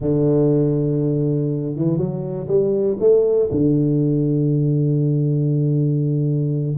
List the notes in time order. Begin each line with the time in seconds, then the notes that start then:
0.00 D3
1.75 E3
1.97 F#3
2.48 G3
2.99 A3
3.51 D3